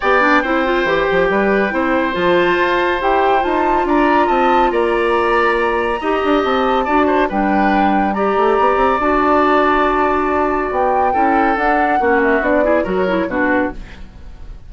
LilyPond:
<<
  \new Staff \with { instrumentName = "flute" } { \time 4/4 \tempo 4 = 140 g''1~ | g''4 a''2 g''4 | a''4 ais''4 a''4 ais''4~ | ais''2. a''4~ |
a''4 g''2 ais''4~ | ais''4 a''2.~ | a''4 g''2 fis''4~ | fis''8 e''8 d''4 cis''4 b'4 | }
  \new Staff \with { instrumentName = "oboe" } { \time 4/4 d''4 c''2 b'4 | c''1~ | c''4 d''4 dis''4 d''4~ | d''2 dis''2 |
d''8 c''8 b'2 d''4~ | d''1~ | d''2 a'2 | fis'4. gis'8 ais'4 fis'4 | }
  \new Staff \with { instrumentName = "clarinet" } { \time 4/4 g'8 d'8 e'8 f'8 g'2 | e'4 f'2 g'4 | f'1~ | f'2 g'2 |
fis'4 d'2 g'4~ | g'4 fis'2.~ | fis'2 e'4 d'4 | cis'4 d'8 e'8 fis'8 e'8 d'4 | }
  \new Staff \with { instrumentName = "bassoon" } { \time 4/4 b4 c'4 e8 f8 g4 | c'4 f4 f'4 e'4 | dis'4 d'4 c'4 ais4~ | ais2 dis'8 d'8 c'4 |
d'4 g2~ g8 a8 | b8 c'8 d'2.~ | d'4 b4 cis'4 d'4 | ais4 b4 fis4 b,4 | }
>>